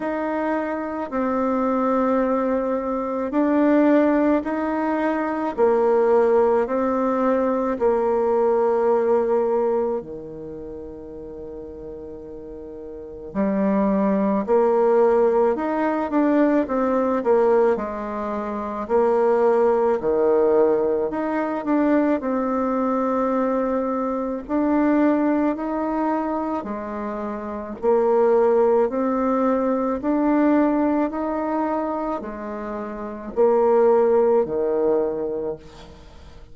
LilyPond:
\new Staff \with { instrumentName = "bassoon" } { \time 4/4 \tempo 4 = 54 dis'4 c'2 d'4 | dis'4 ais4 c'4 ais4~ | ais4 dis2. | g4 ais4 dis'8 d'8 c'8 ais8 |
gis4 ais4 dis4 dis'8 d'8 | c'2 d'4 dis'4 | gis4 ais4 c'4 d'4 | dis'4 gis4 ais4 dis4 | }